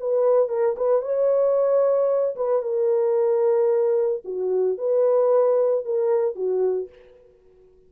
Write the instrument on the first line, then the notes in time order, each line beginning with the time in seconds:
horn
0.00 B4
0.49 A#4
0.77 B4
1.02 C#5
2.36 B4
2.62 A#4
4.25 F#4
4.78 B4
5.85 A#4
6.36 F#4